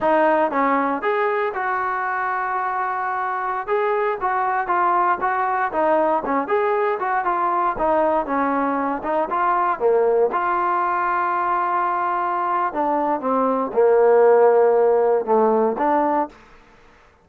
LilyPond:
\new Staff \with { instrumentName = "trombone" } { \time 4/4 \tempo 4 = 118 dis'4 cis'4 gis'4 fis'4~ | fis'2.~ fis'16 gis'8.~ | gis'16 fis'4 f'4 fis'4 dis'8.~ | dis'16 cis'8 gis'4 fis'8 f'4 dis'8.~ |
dis'16 cis'4. dis'8 f'4 ais8.~ | ais16 f'2.~ f'8.~ | f'4 d'4 c'4 ais4~ | ais2 a4 d'4 | }